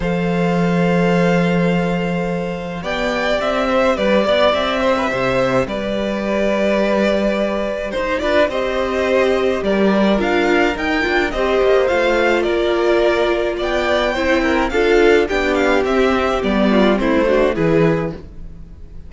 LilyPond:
<<
  \new Staff \with { instrumentName = "violin" } { \time 4/4 \tempo 4 = 106 f''1~ | f''4 g''4 e''4 d''4 | e''2 d''2~ | d''2 c''8 d''8 dis''4~ |
dis''4 d''4 f''4 g''4 | dis''4 f''4 d''2 | g''2 f''4 g''8 f''8 | e''4 d''4 c''4 b'4 | }
  \new Staff \with { instrumentName = "violin" } { \time 4/4 c''1~ | c''4 d''4. c''8 b'8 d''8~ | d''8 c''16 b'16 c''4 b'2~ | b'2 c''8 b'8 c''4~ |
c''4 ais'2. | c''2 ais'2 | d''4 c''8 ais'8 a'4 g'4~ | g'4. f'8 e'8 fis'8 gis'4 | }
  \new Staff \with { instrumentName = "viola" } { \time 4/4 a'1~ | a'4 g'2.~ | g'1~ | g'2~ g'8 f'8 g'4~ |
g'2 f'4 dis'8 f'8 | g'4 f'2.~ | f'4 e'4 f'4 d'4 | c'4 b4 c'8 d'8 e'4 | }
  \new Staff \with { instrumentName = "cello" } { \time 4/4 f1~ | f4 b4 c'4 g8 b8 | c'4 c4 g2~ | g2 dis'8 d'8 c'4~ |
c'4 g4 d'4 dis'8 d'8 | c'8 ais8 a4 ais2 | b4 c'4 d'4 b4 | c'4 g4 a4 e4 | }
>>